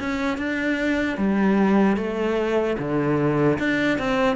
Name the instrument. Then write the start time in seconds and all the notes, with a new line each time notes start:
cello
0.00 C#4
0.38 D4
1.17 G3
1.97 A3
2.79 D3
3.59 D4
3.99 C4